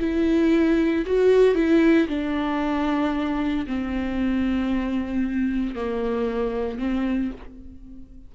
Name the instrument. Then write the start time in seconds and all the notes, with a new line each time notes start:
viola
0.00 E4
1.06 F#4
1.55 E4
2.08 D4
3.67 C4
5.75 A#3
6.78 C4